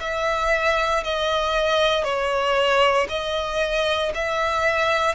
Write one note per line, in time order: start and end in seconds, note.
0.00 1.03 E5
1.03 2.04 D#5
2.04 3.08 C#5
3.09 4.12 D#5
4.15 5.15 E5